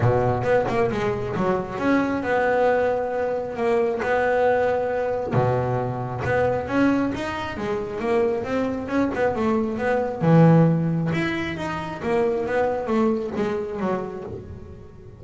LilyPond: \new Staff \with { instrumentName = "double bass" } { \time 4/4 \tempo 4 = 135 b,4 b8 ais8 gis4 fis4 | cis'4 b2. | ais4 b2. | b,2 b4 cis'4 |
dis'4 gis4 ais4 c'4 | cis'8 b8 a4 b4 e4~ | e4 e'4 dis'4 ais4 | b4 a4 gis4 fis4 | }